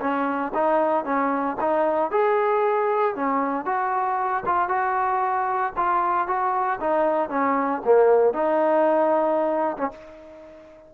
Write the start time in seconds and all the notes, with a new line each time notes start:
0.00 C#4
0.54 D#4
1.05 C#4
1.61 D#4
2.11 G#4
3.16 C#4
3.65 F#4
4.46 F4
4.69 F#4
5.77 F4
6.27 F#4
6.80 D#4
7.29 C#4
7.85 A#3
8.34 D#4
9.77 C#4